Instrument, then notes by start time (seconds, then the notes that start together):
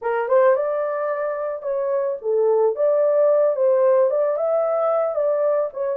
horn
0.01 A#4
0.28 C5
0.55 D5
1.62 C#5
2.21 A4
2.75 D5
3.56 C5
4.10 D5
4.36 E5
5.15 D5
5.73 C#5